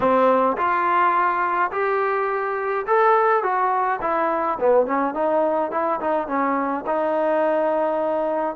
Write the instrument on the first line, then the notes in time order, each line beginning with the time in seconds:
trombone
0.00 C4
0.57 F4
1.71 G4
2.86 A4
3.43 F#4
4.01 E4
4.59 B3
4.86 C#4
5.14 D#4
5.71 E4
6.00 D#4
6.27 C#4
6.86 D#4